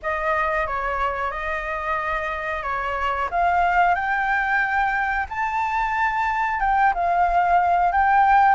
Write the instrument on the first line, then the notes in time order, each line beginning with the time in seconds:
flute
0.02 D#5
0.66 C#5
1.31 D#5
2.62 C#5
3.30 F5
3.94 G5
5.29 A5
6.60 G5
6.94 F5
7.92 G5